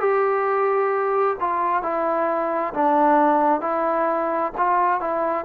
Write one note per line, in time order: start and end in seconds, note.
0.00 1.36 G4
1.40 1.82 F4
1.82 2.73 E4
2.74 3.61 D4
3.61 4.52 E4
4.57 5.00 F4
5.00 5.45 E4